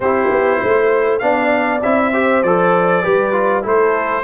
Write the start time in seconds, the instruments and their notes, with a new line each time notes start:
0.00 tuba C4, trombone E4, horn G4, trumpet C5
0.30 tuba B3
0.59 tuba A3, horn C5
1.18 tuba B3, trombone D4, horn D5, trumpet F5
1.82 tuba C4, trombone E4, trumpet E5
2.12 trombone G4, horn C5
2.42 tuba F3, trombone A4, trumpet D5
3.02 tuba G3, trombone G4, horn B4
3.32 trombone F4
3.62 tuba A3, trombone E4, horn A4, trumpet C5